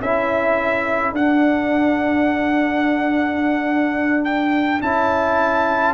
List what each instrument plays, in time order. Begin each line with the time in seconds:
0.00 tuba C#4, trombone E4, horn A4, trumpet E5
1.12 tuba D4, trombone D4, trumpet F#5
4.24 trumpet G5
4.81 tuba C#4, trombone E4, trumpet A5